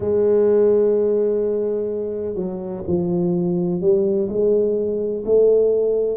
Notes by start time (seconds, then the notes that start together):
0.00 G#3
2.35 F#3
2.87 F3
3.81 G3
4.29 G#3
5.25 A3